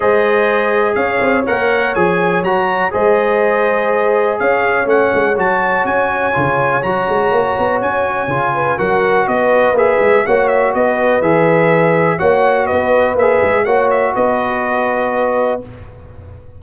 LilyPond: <<
  \new Staff \with { instrumentName = "trumpet" } { \time 4/4 \tempo 4 = 123 dis''2 f''4 fis''4 | gis''4 ais''4 dis''2~ | dis''4 f''4 fis''4 a''4 | gis''2 ais''2 |
gis''2 fis''4 dis''4 | e''4 fis''8 e''8 dis''4 e''4~ | e''4 fis''4 dis''4 e''4 | fis''8 e''8 dis''2. | }
  \new Staff \with { instrumentName = "horn" } { \time 4/4 c''2 cis''2~ | cis''2 c''2~ | c''4 cis''2.~ | cis''1~ |
cis''4. b'8 ais'4 b'4~ | b'4 cis''4 b'2~ | b'4 cis''4 b'2 | cis''4 b'2. | }
  \new Staff \with { instrumentName = "trombone" } { \time 4/4 gis'2. ais'4 | gis'4 fis'4 gis'2~ | gis'2 cis'4 fis'4~ | fis'4 f'4 fis'2~ |
fis'4 f'4 fis'2 | gis'4 fis'2 gis'4~ | gis'4 fis'2 gis'4 | fis'1 | }
  \new Staff \with { instrumentName = "tuba" } { \time 4/4 gis2 cis'8 c'8 ais4 | f4 fis4 gis2~ | gis4 cis'4 a8 gis8 fis4 | cis'4 cis4 fis8 gis8 ais8 b8 |
cis'4 cis4 fis4 b4 | ais8 gis8 ais4 b4 e4~ | e4 ais4 b4 ais8 gis8 | ais4 b2. | }
>>